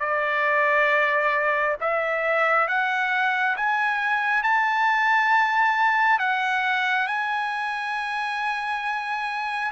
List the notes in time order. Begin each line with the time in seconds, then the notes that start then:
0.00 D5
1.80 E5
2.68 F#5
3.57 G#5
4.43 A5
6.19 F#5
7.07 G#5